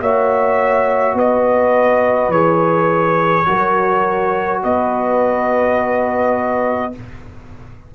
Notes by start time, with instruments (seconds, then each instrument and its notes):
0.00 tuba A#3, trombone F#4, horn C#5, trumpet E5
1.13 tuba B3, horn B4, trumpet D#5
2.28 tuba E3, trombone G#4, trumpet C#5
3.45 tuba F#3, trombone F#4, horn A#4
4.63 tuba B3, horn B4, trumpet D#5